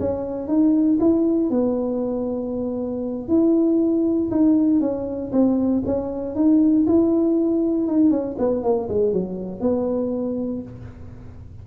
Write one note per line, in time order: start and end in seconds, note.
0.00 0.48 C#4
0.48 0.99 D#4
1.00 1.50 E4
1.50 3.28 B3
3.29 4.30 E4
4.31 4.81 D#4
4.81 5.32 C#4
5.33 5.83 C4
5.86 6.36 C#4
6.36 6.86 D#4
6.87 7.88 E4
7.88 8.11 D#4
8.11 8.36 C#4
8.39 8.63 B3
8.63 8.89 A#3
8.89 9.13 G#3
9.13 9.61 F#3
9.61 10.62 B3